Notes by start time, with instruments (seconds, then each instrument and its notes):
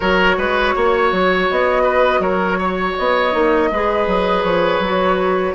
0.00 bassoon F#3, clarinet F#4, oboe A#4, flute C#5
0.37 bassoon G#3, oboe B4
0.75 bassoon A#3, oboe C#5
1.12 bassoon F#3
1.50 bassoon B3, flute D#5
1.83 oboe B4
2.19 bassoon F#3, oboe A#4, flute C#5
2.58 oboe C#5
2.97 bassoon B3, flute D#5
3.32 bassoon A#3, clarinet D#4
3.70 bassoon G#3, clarinet G#4, oboe B4
4.06 bassoon F#3
4.43 bassoon F3, flute C#5
4.79 bassoon F#3, clarinet F#4